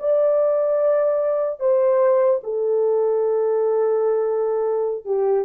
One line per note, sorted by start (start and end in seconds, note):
0.00 1.60 D5
1.60 2.41 C5
2.44 5.05 A4
5.05 5.45 G4